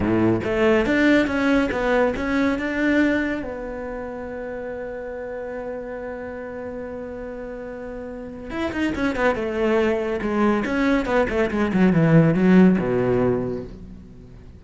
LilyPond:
\new Staff \with { instrumentName = "cello" } { \time 4/4 \tempo 4 = 141 a,4 a4 d'4 cis'4 | b4 cis'4 d'2 | b1~ | b1~ |
b1 | e'8 dis'8 cis'8 b8 a2 | gis4 cis'4 b8 a8 gis8 fis8 | e4 fis4 b,2 | }